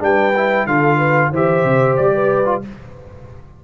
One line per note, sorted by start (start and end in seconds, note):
0.00 0.66 G3
0.00 0.33 D4
0.00 0.68 B4
0.00 0.67 G5
0.37 0.68 E4
0.66 1.32 D3
0.66 1.33 F4
0.66 0.98 A4
0.66 1.32 F5
0.98 1.30 B4
1.32 1.64 E3
1.32 2.46 G4
1.32 2.13 C5
1.32 1.97 E5
1.64 1.97 C3
1.97 2.65 G3
1.97 2.62 D5
2.15 2.64 B4
2.46 2.62 F4